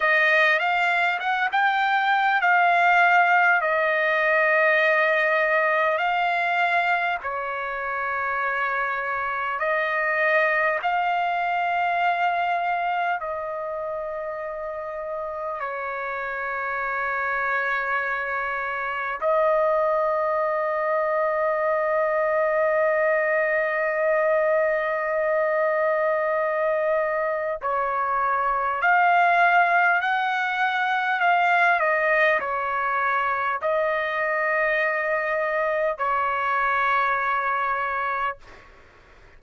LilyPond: \new Staff \with { instrumentName = "trumpet" } { \time 4/4 \tempo 4 = 50 dis''8 f''8 fis''16 g''8. f''4 dis''4~ | dis''4 f''4 cis''2 | dis''4 f''2 dis''4~ | dis''4 cis''2. |
dis''1~ | dis''2. cis''4 | f''4 fis''4 f''8 dis''8 cis''4 | dis''2 cis''2 | }